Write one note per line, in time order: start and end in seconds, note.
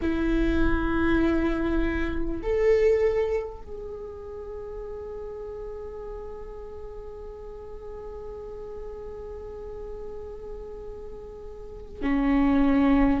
0.01 2.41 E4
2.42 3.62 A4
3.62 12.02 G#4
12.02 13.20 C#4